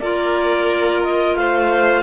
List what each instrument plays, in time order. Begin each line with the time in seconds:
0.00 cello A#3, clarinet F4 D5, violin A#4
1.03 clarinet D#5
1.36 cello A3, violin C5, clarinet F5